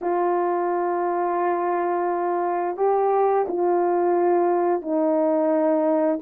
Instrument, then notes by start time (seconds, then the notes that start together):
horn
0.01 F4
2.76 G4
3.47 F4
4.81 D#4